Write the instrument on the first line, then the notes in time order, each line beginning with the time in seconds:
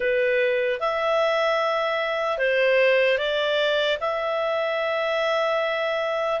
clarinet
0.00 B4
0.80 E5
2.38 C5
3.17 D5
4.00 E5